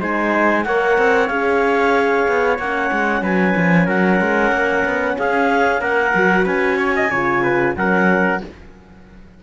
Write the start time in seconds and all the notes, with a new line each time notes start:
0.00 G#3 D#4 C5 G#5
0.64 A#3 A#4 C#5 F#5
0.97 C4
1.27 C#4 G#4 F5
2.27 B3
2.58 A#3 C#4 F#5
2.92 G#3
3.22 F#3 B4 G#5
3.56 F3
3.85 F#3 A#4 F#5
4.20 G#3
4.51 A#3
4.85 B3
5.18 C#4 G#4 F5
5.80 A#3 A#4 F#5
6.14 F#3 F#4
6.44 C#4 B4 G#5
6.78 C#5
6.96 D#5
7.10 C#3 F4 C#5
7.43 B4
7.76 F#3 C#4 A#4 F#5